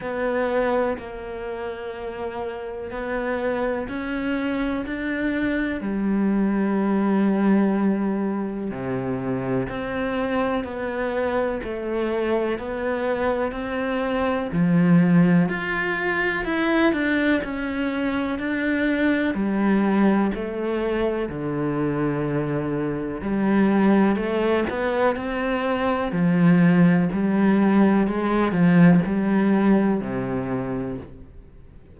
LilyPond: \new Staff \with { instrumentName = "cello" } { \time 4/4 \tempo 4 = 62 b4 ais2 b4 | cis'4 d'4 g2~ | g4 c4 c'4 b4 | a4 b4 c'4 f4 |
f'4 e'8 d'8 cis'4 d'4 | g4 a4 d2 | g4 a8 b8 c'4 f4 | g4 gis8 f8 g4 c4 | }